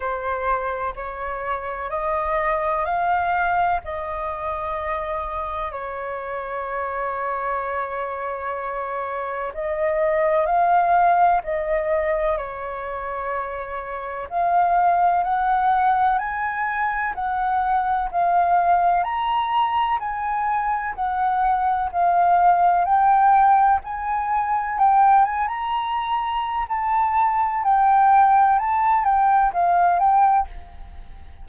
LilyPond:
\new Staff \with { instrumentName = "flute" } { \time 4/4 \tempo 4 = 63 c''4 cis''4 dis''4 f''4 | dis''2 cis''2~ | cis''2 dis''4 f''4 | dis''4 cis''2 f''4 |
fis''4 gis''4 fis''4 f''4 | ais''4 gis''4 fis''4 f''4 | g''4 gis''4 g''8 gis''16 ais''4~ ais''16 | a''4 g''4 a''8 g''8 f''8 g''8 | }